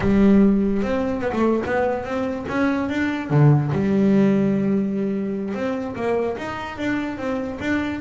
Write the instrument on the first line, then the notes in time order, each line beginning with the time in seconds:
double bass
0.00 G3
0.82 C4
1.21 B3
1.32 A3
1.65 B3
2.04 C4
2.48 C#4
2.89 D4
3.30 D3
3.72 G3
5.54 C4
5.95 A#3
6.37 D#4
6.78 D4
7.17 C4
7.60 D4